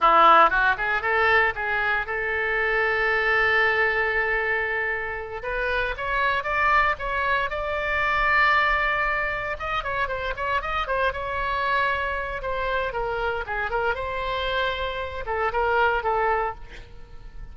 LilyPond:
\new Staff \with { instrumentName = "oboe" } { \time 4/4 \tempo 4 = 116 e'4 fis'8 gis'8 a'4 gis'4 | a'1~ | a'2~ a'8 b'4 cis''8~ | cis''8 d''4 cis''4 d''4.~ |
d''2~ d''8 dis''8 cis''8 c''8 | cis''8 dis''8 c''8 cis''2~ cis''8 | c''4 ais'4 gis'8 ais'8 c''4~ | c''4. a'8 ais'4 a'4 | }